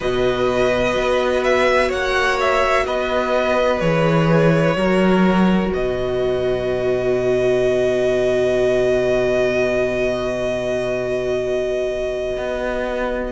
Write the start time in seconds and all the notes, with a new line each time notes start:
0.00 B2 F#4 B4 D#5
0.96 B3
1.43 E5
1.88 A#3 C#5 F#5
2.39 E5
2.86 B3 B4 D#5
3.80 E3 G#4 C#5
4.75 F#3 F#4 A#4
5.72 B2 B4 D#5
12.36 B3